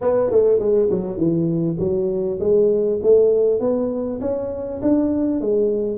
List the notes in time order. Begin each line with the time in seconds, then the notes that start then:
0.01 B3
0.30 A3
0.59 G#3
0.90 F#3
1.17 E3
1.79 F#3
2.39 G#3
3.02 A3
3.59 B3
4.20 C#4
4.82 D4
5.41 G#3